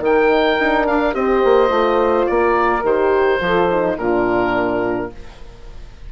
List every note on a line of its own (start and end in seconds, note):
0.00 0.57 D#3
0.00 0.59 D#4
0.00 1.17 A#4
0.00 0.87 G5
0.59 1.12 D4
0.59 0.88 D#4
0.87 1.15 D4
0.87 1.15 F5
1.12 1.43 C4
1.12 1.69 G4
1.12 2.26 D#5
1.19 2.32 C5
1.45 1.70 A#3
1.69 2.27 A3
1.69 2.82 F4
2.26 2.83 A#3
2.26 3.44 A#4
2.26 2.83 D5
2.83 3.40 D#3
2.83 3.41 G4
2.83 3.98 C5
3.41 3.97 F3
3.41 3.69 F4
3.41 3.97 A4
3.71 3.99 D#4
3.97 5.11 A#2
3.97 5.12 D4
3.97 5.10 F4
3.97 5.12 A#4